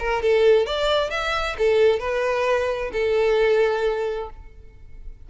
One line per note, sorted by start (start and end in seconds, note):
0.00 0.23 A#4
0.23 0.67 A4
0.67 1.11 D5
1.11 1.57 E5
1.59 2.00 A4
2.00 2.91 B4
2.93 4.31 A4